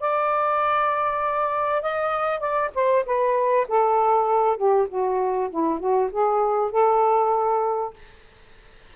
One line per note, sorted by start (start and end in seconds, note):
0.00 1.82 D5
1.82 2.40 D#5
2.40 2.71 D5
2.75 3.05 C5
3.06 3.67 B4
3.68 4.57 A4
4.57 4.88 G4
4.88 5.50 F#4
5.50 5.79 E4
5.79 6.10 F#4
6.11 6.71 G#4
6.71 7.94 A4